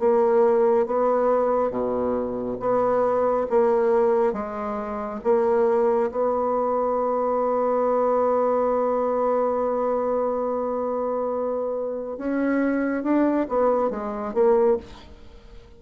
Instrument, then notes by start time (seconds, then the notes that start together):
bassoon
0.00 A#3
0.87 B3
1.71 B2
2.60 B3
3.50 A#3
4.33 G#3
5.24 A#3
6.11 B3
12.17 C#4
13.04 D4
13.49 B3
13.91 G#3
14.34 A#3